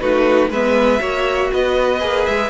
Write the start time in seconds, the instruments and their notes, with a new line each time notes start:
0.00 cello A3, viola D#4, violin F#4 B4
0.50 cello G#3, viola B3, violin B4 E5
0.99 cello A#3, viola F#4, violin C#5
1.52 cello B3, violin B4 D#5
2.00 cello A#3, viola G#4
2.26 cello G#3, violin E5